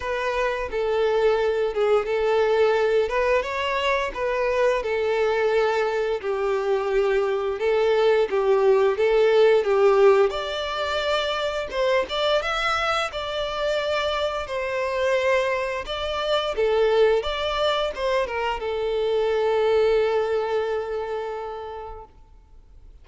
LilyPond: \new Staff \with { instrumentName = "violin" } { \time 4/4 \tempo 4 = 87 b'4 a'4. gis'8 a'4~ | a'8 b'8 cis''4 b'4 a'4~ | a'4 g'2 a'4 | g'4 a'4 g'4 d''4~ |
d''4 c''8 d''8 e''4 d''4~ | d''4 c''2 d''4 | a'4 d''4 c''8 ais'8 a'4~ | a'1 | }